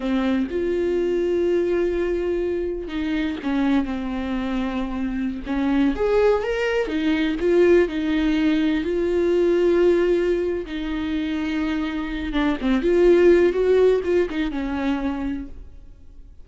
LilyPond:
\new Staff \with { instrumentName = "viola" } { \time 4/4 \tempo 4 = 124 c'4 f'2.~ | f'2 dis'4 cis'4 | c'2.~ c'16 cis'8.~ | cis'16 gis'4 ais'4 dis'4 f'8.~ |
f'16 dis'2 f'4.~ f'16~ | f'2 dis'2~ | dis'4. d'8 c'8 f'4. | fis'4 f'8 dis'8 cis'2 | }